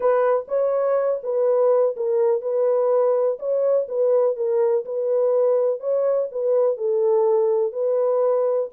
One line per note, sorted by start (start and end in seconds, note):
0.00 0.46 B4
0.48 1.20 C#5
1.23 1.95 B4
1.96 2.41 A#4
2.41 3.38 B4
3.39 3.87 C#5
3.88 4.36 B4
4.36 4.85 A#4
4.85 5.80 B4
5.80 6.28 C#5
6.31 6.77 B4
6.77 7.72 A4
7.72 8.69 B4